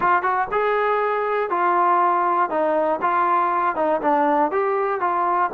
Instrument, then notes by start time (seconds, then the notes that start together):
trombone
0.00 F4
0.22 F#4
0.51 G#4
1.50 F4
2.50 D#4
3.01 F4
3.75 D#4
4.01 D4
4.51 G4
5.00 F4